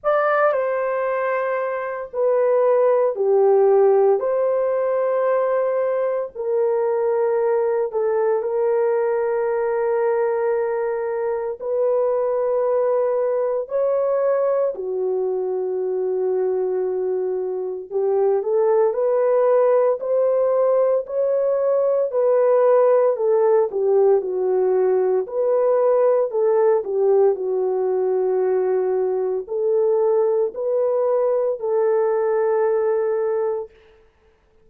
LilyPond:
\new Staff \with { instrumentName = "horn" } { \time 4/4 \tempo 4 = 57 d''8 c''4. b'4 g'4 | c''2 ais'4. a'8 | ais'2. b'4~ | b'4 cis''4 fis'2~ |
fis'4 g'8 a'8 b'4 c''4 | cis''4 b'4 a'8 g'8 fis'4 | b'4 a'8 g'8 fis'2 | a'4 b'4 a'2 | }